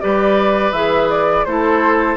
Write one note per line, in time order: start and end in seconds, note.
0.00 0.72 G3
0.00 0.73 G4
0.00 1.47 B4
0.00 0.72 D5
0.72 1.44 E3
0.72 1.47 G#4
0.72 1.08 E5
1.09 1.45 D5
1.45 2.17 A3
1.45 2.17 E4
1.45 2.17 A4
1.45 2.17 C5